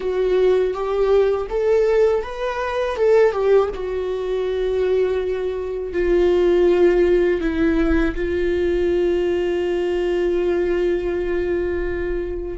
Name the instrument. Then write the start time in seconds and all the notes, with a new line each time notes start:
viola
0.00 F#4
0.73 G4
1.49 A4
2.23 B4
2.96 A4
3.32 G4
3.74 F#4
5.93 F4
7.40 E4
8.15 F4